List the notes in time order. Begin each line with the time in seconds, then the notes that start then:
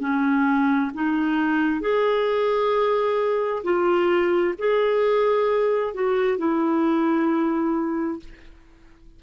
0.00 C#4
0.94 D#4
1.81 G#4
3.64 F4
4.58 G#4
5.94 F#4
6.38 E4